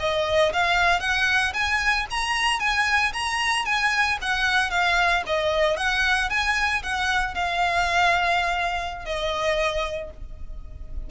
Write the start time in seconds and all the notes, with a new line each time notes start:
0.00 D#5
0.53 F5
1.00 F#5
1.54 G#5
2.11 A#5
2.60 G#5
3.13 A#5
3.65 G#5
4.22 F#5
4.71 F5
5.27 D#5
5.77 F#5
6.30 G#5
6.83 F#5
7.34 F5
9.06 D#5